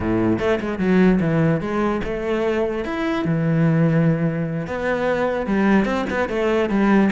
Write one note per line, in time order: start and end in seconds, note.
0.00 0.39 A2
0.39 0.59 A3
0.60 0.79 G#3
0.79 1.19 F#3
1.20 1.60 E3
1.60 2.01 G#3
2.04 2.84 A3
2.84 3.24 E4
3.24 4.66 E3
4.66 5.46 B3
5.46 5.85 G3
5.85 6.05 C4
6.10 6.28 B3
6.28 6.69 A3
6.69 7.10 G3